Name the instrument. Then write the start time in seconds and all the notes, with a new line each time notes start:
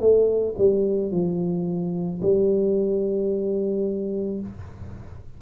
tuba
0.00 A3
0.58 G3
1.12 F3
2.22 G3